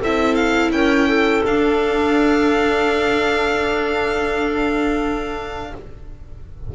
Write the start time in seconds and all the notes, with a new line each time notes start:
0.00 C4 E4 A4 E5
0.35 F5
0.71 C#4 A#4 G5
1.08 A4
1.44 D4 F5